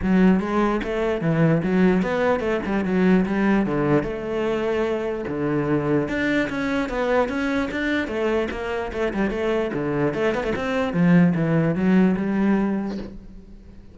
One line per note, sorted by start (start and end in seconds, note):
0.02 0.40 F#3
0.40 0.80 G#3
0.83 1.21 A3
1.21 1.61 E3
1.63 2.02 F#3
2.02 2.40 B3
2.40 2.60 A3
2.65 2.85 G3
2.85 3.25 F#3
3.25 3.66 G3
3.66 4.03 D3
4.03 5.24 A3
5.27 6.08 D3
6.08 6.48 D4
6.49 6.89 C#4
6.89 7.28 B3
7.28 7.69 C#4
7.71 8.07 D4
8.07 8.47 A3
8.51 8.91 A#3
8.92 9.13 A3
9.13 9.30 G3
9.30 9.71 A3
9.73 10.14 D3
10.14 10.34 A3
10.34 10.43 B3
10.43 10.53 A3
10.55 10.93 C4
10.93 11.33 F3
11.35 11.75 E3
11.75 12.15 F#3
12.16 12.97 G3